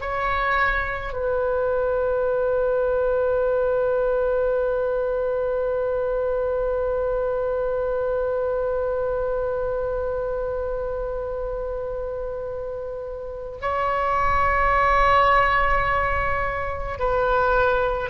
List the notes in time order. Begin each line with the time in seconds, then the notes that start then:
0.00 C#5
1.13 B4
13.61 C#5
16.99 B4